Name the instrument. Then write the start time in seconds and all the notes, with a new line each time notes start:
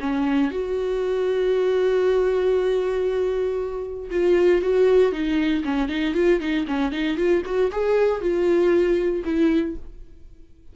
viola
0.00 C#4
0.51 F#4
4.10 F4
4.62 F#4
5.12 D#4
5.64 C#4
5.88 D#4
6.14 F4
6.40 D#4
6.67 C#4
6.91 D#4
7.17 F4
7.45 F#4
7.71 G#4
8.21 F4
9.24 E4